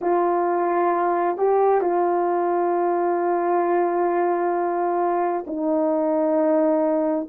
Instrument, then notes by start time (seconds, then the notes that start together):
horn
0.01 F4
1.37 G4
1.81 F4
5.46 D#4